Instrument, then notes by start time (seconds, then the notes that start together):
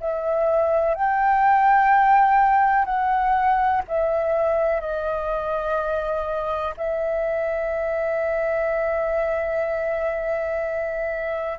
flute
0.00 E5
0.95 G5
2.85 F#5
3.88 E5
4.80 D#5
6.77 E5